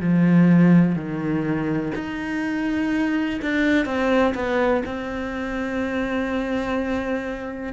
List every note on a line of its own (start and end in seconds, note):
0.00 0.95 F3
0.95 1.92 D#3
1.95 3.40 D#4
3.42 3.85 D4
3.85 4.34 C4
4.35 4.83 B3
4.86 7.73 C4